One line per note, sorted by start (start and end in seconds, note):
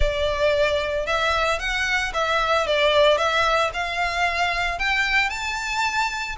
0.00 1.06 D5
1.06 1.59 E5
1.59 2.12 F#5
2.13 2.66 E5
2.67 3.17 D5
3.17 3.70 E5
3.73 4.79 F5
4.79 5.29 G5
5.29 6.35 A5